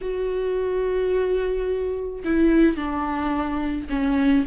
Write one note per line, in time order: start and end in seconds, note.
0.01 2.23 F#4
2.24 2.76 E4
2.76 3.87 D4
3.89 4.45 C#4